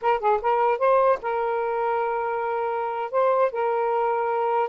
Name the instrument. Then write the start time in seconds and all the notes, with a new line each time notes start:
saxophone
0.01 A#4
0.19 G#4
0.41 A#4
0.78 C5
1.22 A#4
3.11 C5
3.51 A#4